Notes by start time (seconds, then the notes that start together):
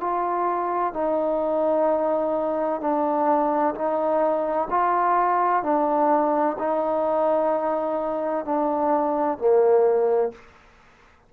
0.00 F4
0.93 D#4
2.80 D4
3.75 D#4
4.70 F4
5.63 D4
6.58 D#4
8.45 D4
9.38 A#3